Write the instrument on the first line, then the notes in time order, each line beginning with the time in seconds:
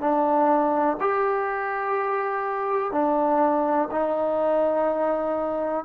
trombone
0.00 D4
1.00 G4
2.92 D4
3.91 D#4